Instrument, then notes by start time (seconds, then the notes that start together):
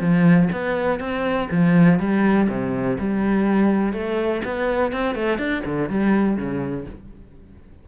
cello
0.00 F3
0.52 B3
1.00 C4
1.51 F3
1.99 G3
2.49 C3
2.99 G3
3.93 A3
4.44 B3
4.92 C4
5.15 A3
5.38 D4
5.65 D3
5.89 G3
6.37 C#3